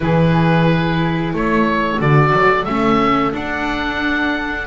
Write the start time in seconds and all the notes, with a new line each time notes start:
0.00 E3 E4 G#4 B4
1.33 A3 A4 C#5
1.98 D3 F#4 D5
2.32 F#3
2.65 A3 C#4 E5
3.33 D4 F#5